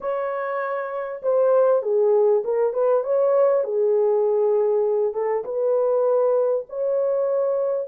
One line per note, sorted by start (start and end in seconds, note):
0.00 1.21 C#5
1.22 1.82 C5
1.82 2.42 G#4
2.44 2.73 A#4
2.73 3.03 B4
3.03 3.64 C#5
3.64 5.13 G#4
5.13 5.44 A4
5.44 6.65 B4
6.69 7.87 C#5